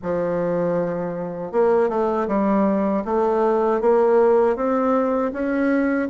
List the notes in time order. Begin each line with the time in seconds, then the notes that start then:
0.02 F3
1.52 A#3
1.89 A3
2.28 G3
3.04 A3
3.80 A#3
4.56 C4
5.32 C#4